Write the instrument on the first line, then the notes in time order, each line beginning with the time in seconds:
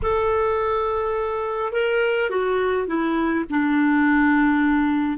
clarinet
0.02 A4
1.72 A#4
2.29 F#4
2.87 E4
3.50 D4